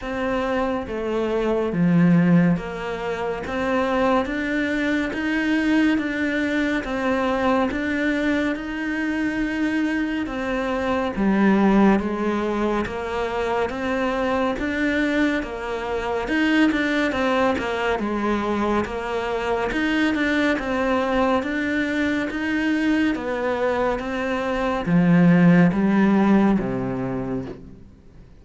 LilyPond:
\new Staff \with { instrumentName = "cello" } { \time 4/4 \tempo 4 = 70 c'4 a4 f4 ais4 | c'4 d'4 dis'4 d'4 | c'4 d'4 dis'2 | c'4 g4 gis4 ais4 |
c'4 d'4 ais4 dis'8 d'8 | c'8 ais8 gis4 ais4 dis'8 d'8 | c'4 d'4 dis'4 b4 | c'4 f4 g4 c4 | }